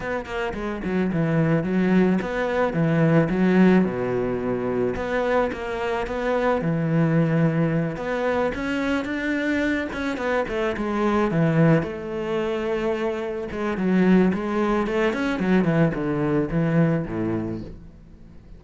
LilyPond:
\new Staff \with { instrumentName = "cello" } { \time 4/4 \tempo 4 = 109 b8 ais8 gis8 fis8 e4 fis4 | b4 e4 fis4 b,4~ | b,4 b4 ais4 b4 | e2~ e8 b4 cis'8~ |
cis'8 d'4. cis'8 b8 a8 gis8~ | gis8 e4 a2~ a8~ | a8 gis8 fis4 gis4 a8 cis'8 | fis8 e8 d4 e4 a,4 | }